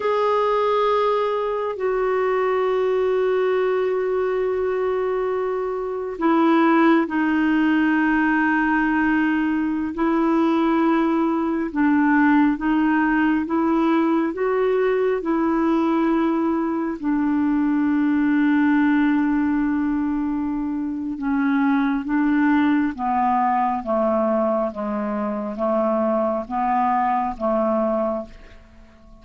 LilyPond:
\new Staff \with { instrumentName = "clarinet" } { \time 4/4 \tempo 4 = 68 gis'2 fis'2~ | fis'2. e'4 | dis'2.~ dis'16 e'8.~ | e'4~ e'16 d'4 dis'4 e'8.~ |
e'16 fis'4 e'2 d'8.~ | d'1 | cis'4 d'4 b4 a4 | gis4 a4 b4 a4 | }